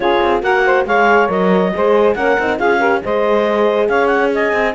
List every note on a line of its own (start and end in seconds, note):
0.00 0.20 C#4
0.00 0.42 F4
0.00 0.42 G#4
0.00 0.40 C#5
0.21 0.42 C4
0.42 0.85 A#3
0.42 0.86 F#4
0.42 0.63 A#4
0.42 0.86 F#5
0.65 0.86 C5
0.85 1.28 G#3
0.85 1.28 G#4
0.85 1.72 C#5
0.85 1.29 F5
1.28 1.72 F#3
1.28 1.71 A#4
1.28 2.14 D#5
1.74 2.15 G#3
1.74 2.16 G#4
1.74 2.16 C5
2.14 2.36 A#3
2.14 2.38 C#4
2.14 2.58 A#4
2.14 2.57 F#5
2.38 2.59 C4
2.38 2.59 D#4
2.58 3.02 C#4
2.58 2.79 F4
2.58 2.79 G#4
2.58 3.02 F5
2.79 3.01 G4
2.79 3.00 A#4
3.02 3.88 G#3
3.02 4.74 G#4
3.02 3.88 C5
3.02 3.89 D#5
3.88 4.53 C#4
3.88 4.32 C#5
3.88 4.06 F5
4.06 4.28 F#5
4.33 4.74 D#5
4.33 4.74 G#5
4.53 4.74 C4